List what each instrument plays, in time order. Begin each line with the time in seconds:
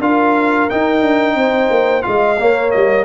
0.00 tuba D4, trombone F4, horn A#4, trumpet F5
0.70 trombone D#4, tuba D#4, trumpet G5
1.01 tuba D4
1.35 tuba C4, horn C5
1.70 tuba A#3
2.02 tuba G#3, trombone F4, horn D#5, trumpet F5
2.39 trombone A#3, tuba A#3, horn C#5
2.71 tuba G3, trumpet D#5